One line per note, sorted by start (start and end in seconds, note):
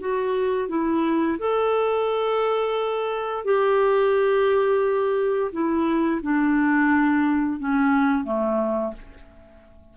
0.00 0.69 F#4
0.69 1.38 E4
1.39 3.45 A4
3.45 5.51 G4
5.52 6.21 E4
6.22 7.59 D4
7.59 8.24 C#4
8.24 8.93 A3